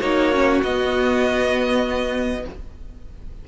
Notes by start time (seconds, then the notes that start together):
0.00 A#3 D#4 F#4 C#5
0.32 C#4
0.62 B3 D#5